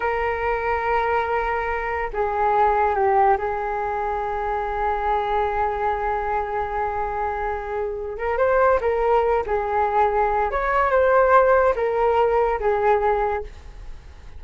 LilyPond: \new Staff \with { instrumentName = "flute" } { \time 4/4 \tempo 4 = 143 ais'1~ | ais'4 gis'2 g'4 | gis'1~ | gis'1~ |
gis'2.~ gis'8 ais'8 | c''4 ais'4. gis'4.~ | gis'4 cis''4 c''2 | ais'2 gis'2 | }